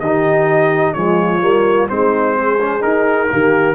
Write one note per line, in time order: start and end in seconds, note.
0.00 0.95 D#3
0.00 0.96 D#4
0.00 0.95 G4
0.00 0.94 D#5
0.94 1.42 F3
0.94 1.41 G#3
0.94 1.91 F4
0.94 1.87 C#5
1.41 1.89 G3
1.41 1.88 A#3
1.88 2.83 G#3
1.88 2.59 C4
1.88 2.35 D#4
1.88 2.82 C5
2.35 3.29 G#4
2.60 2.80 C#4
2.80 3.27 D#4
2.80 3.30 D#4
2.80 3.75 A#4
3.30 3.75 D#3
3.30 3.75 A#3
3.30 3.75 G4